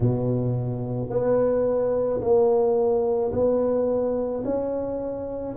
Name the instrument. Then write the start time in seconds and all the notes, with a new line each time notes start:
tuba
0.00 B2
1.09 B3
2.21 A#3
3.32 B3
4.44 C#4